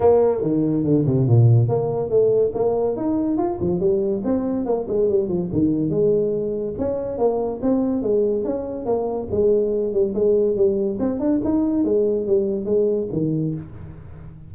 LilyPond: \new Staff \with { instrumentName = "tuba" } { \time 4/4 \tempo 4 = 142 ais4 dis4 d8 c8 ais,4 | ais4 a4 ais4 dis'4 | f'8 f8 g4 c'4 ais8 gis8 | g8 f8 dis4 gis2 |
cis'4 ais4 c'4 gis4 | cis'4 ais4 gis4. g8 | gis4 g4 c'8 d'8 dis'4 | gis4 g4 gis4 dis4 | }